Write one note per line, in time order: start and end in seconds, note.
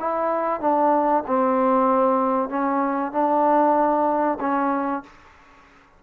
0.00 0.61 E4
0.61 1.24 D4
1.27 2.49 C4
2.49 3.13 C#4
3.13 4.39 D4
4.40 5.04 C#4